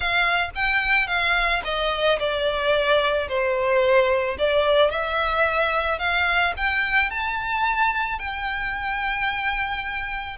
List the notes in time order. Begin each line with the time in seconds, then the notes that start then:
0.00 F5
0.55 G5
1.07 F5
1.64 D#5
2.19 D5
3.28 C5
4.38 D5
4.90 E5
5.99 F5
6.57 G5
7.10 A5
8.18 G5